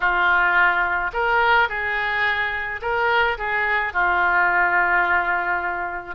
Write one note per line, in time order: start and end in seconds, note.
0.00 1.11 F4
1.13 1.68 A#4
1.68 2.80 G#4
2.81 3.37 A#4
3.38 3.93 G#4
3.93 6.15 F4